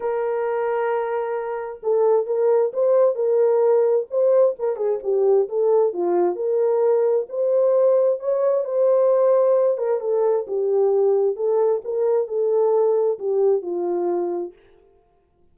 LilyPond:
\new Staff \with { instrumentName = "horn" } { \time 4/4 \tempo 4 = 132 ais'1 | a'4 ais'4 c''4 ais'4~ | ais'4 c''4 ais'8 gis'8 g'4 | a'4 f'4 ais'2 |
c''2 cis''4 c''4~ | c''4. ais'8 a'4 g'4~ | g'4 a'4 ais'4 a'4~ | a'4 g'4 f'2 | }